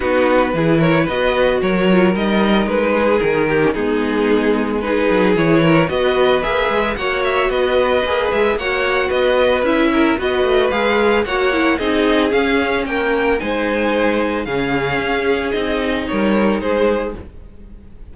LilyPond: <<
  \new Staff \with { instrumentName = "violin" } { \time 4/4 \tempo 4 = 112 b'4. cis''8 dis''4 cis''4 | dis''4 b'4 ais'4 gis'4~ | gis'4 b'4 cis''4 dis''4 | e''4 fis''8 e''8 dis''4. e''8 |
fis''4 dis''4 e''4 dis''4 | f''4 fis''4 dis''4 f''4 | g''4 gis''2 f''4~ | f''4 dis''4 cis''4 c''4 | }
  \new Staff \with { instrumentName = "violin" } { \time 4/4 fis'4 gis'8 ais'8 b'4 ais'4~ | ais'4. gis'4 g'8 dis'4~ | dis'4 gis'4. ais'8 b'4~ | b'4 cis''4 b'2 |
cis''4 b'4. ais'8 b'4~ | b'4 cis''4 gis'2 | ais'4 c''2 gis'4~ | gis'2 ais'4 gis'4 | }
  \new Staff \with { instrumentName = "viola" } { \time 4/4 dis'4 e'4 fis'4. f'8 | dis'2~ dis'8. cis'16 b4~ | b4 dis'4 e'4 fis'4 | gis'4 fis'2 gis'4 |
fis'2 e'4 fis'4 | gis'4 fis'8 e'8 dis'4 cis'4~ | cis'4 dis'2 cis'4~ | cis'4 dis'2. | }
  \new Staff \with { instrumentName = "cello" } { \time 4/4 b4 e4 b4 fis4 | g4 gis4 dis4 gis4~ | gis4. fis8 e4 b4 | ais8 gis8 ais4 b4 ais8 gis8 |
ais4 b4 cis'4 b8 a8 | gis4 ais4 c'4 cis'4 | ais4 gis2 cis4 | cis'4 c'4 g4 gis4 | }
>>